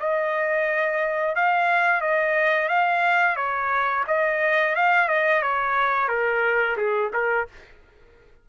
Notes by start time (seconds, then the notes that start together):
0.00 D#5
1.36 F5
2.01 D#5
2.69 F5
3.37 C#5
4.08 D#5
4.76 F5
5.08 D#5
5.43 C#5
6.09 A#4
6.77 G#4
7.13 A#4